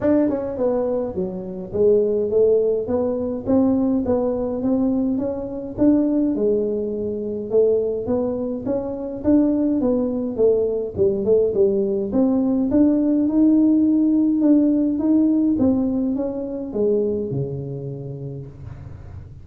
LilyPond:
\new Staff \with { instrumentName = "tuba" } { \time 4/4 \tempo 4 = 104 d'8 cis'8 b4 fis4 gis4 | a4 b4 c'4 b4 | c'4 cis'4 d'4 gis4~ | gis4 a4 b4 cis'4 |
d'4 b4 a4 g8 a8 | g4 c'4 d'4 dis'4~ | dis'4 d'4 dis'4 c'4 | cis'4 gis4 cis2 | }